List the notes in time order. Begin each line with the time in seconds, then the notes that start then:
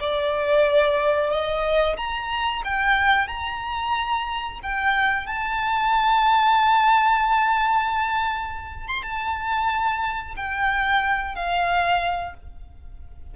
0.00 D5
1.30 D#5
1.97 A#5
2.65 G5
3.28 A#5
4.63 G5
5.27 A5
8.88 C6
9.03 A5
10.37 G5
11.36 F5